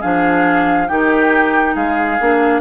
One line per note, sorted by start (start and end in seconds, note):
0.00 0.90 F3
0.00 0.87 D4
0.00 0.87 G#4
0.00 0.88 F5
0.87 1.75 D#3
0.87 2.18 D#4
0.87 1.74 G4
0.87 1.75 G5
1.74 2.19 G#3
1.74 2.60 G#4
1.74 2.60 F5
2.20 2.60 A#3
2.20 2.60 D4